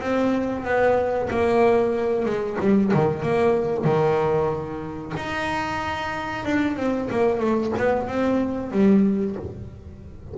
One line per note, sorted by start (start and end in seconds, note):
0.00 0.64 C4
0.64 1.28 B3
1.30 2.25 A#3
2.25 2.57 G#3
2.60 2.92 G3
2.93 3.22 D#3
3.22 3.84 A#3
3.84 5.13 D#3
5.16 6.45 D#4
6.45 6.76 D4
6.76 7.08 C4
7.10 7.39 A#3
7.39 7.72 A3
7.77 8.07 B3
8.07 8.71 C4
8.71 9.35 G3